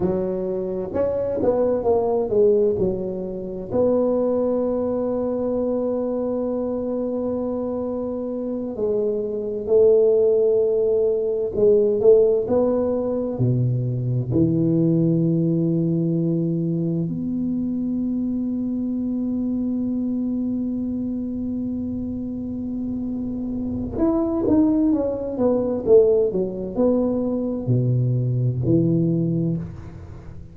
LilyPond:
\new Staff \with { instrumentName = "tuba" } { \time 4/4 \tempo 4 = 65 fis4 cis'8 b8 ais8 gis8 fis4 | b1~ | b4. gis4 a4.~ | a8 gis8 a8 b4 b,4 e8~ |
e2~ e8 b4.~ | b1~ | b2 e'8 dis'8 cis'8 b8 | a8 fis8 b4 b,4 e4 | }